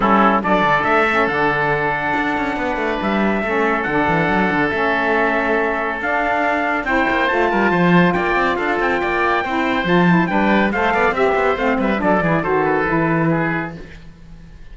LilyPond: <<
  \new Staff \with { instrumentName = "trumpet" } { \time 4/4 \tempo 4 = 140 a'4 d''4 e''4 fis''4~ | fis''2. e''4~ | e''4 fis''2 e''4~ | e''2 f''2 |
g''4 a''2 g''4 | f''8 g''2~ g''8 a''4 | g''4 f''4 e''4 f''8 e''8 | d''4 c''8 b'2~ b'8 | }
  \new Staff \with { instrumentName = "oboe" } { \time 4/4 e'4 a'2.~ | a'2 b'2 | a'1~ | a'1 |
c''4. ais'8 c''4 d''4 | a'4 d''4 c''2 | b'4 c''8 d''8 e''16 b16 c''4 b'8 | a'8 gis'8 a'2 gis'4 | }
  \new Staff \with { instrumentName = "saxophone" } { \time 4/4 cis'4 d'4. cis'8 d'4~ | d'1 | cis'4 d'2 cis'4~ | cis'2 d'2 |
e'4 f'2.~ | f'2 e'4 f'8 e'8 | d'4 a'4 g'4 c'4 | d'8 e'8 fis'4 e'2 | }
  \new Staff \with { instrumentName = "cello" } { \time 4/4 g4 fis8 d8 a4 d4~ | d4 d'8 cis'8 b8 a8 g4 | a4 d8 e8 fis8 d8 a4~ | a2 d'2 |
c'8 ais8 a8 g8 f4 ais8 c'8 | d'8 c'8 ais4 c'4 f4 | g4 a8 b8 c'8 b8 a8 g8 | fis8 e8 dis4 e2 | }
>>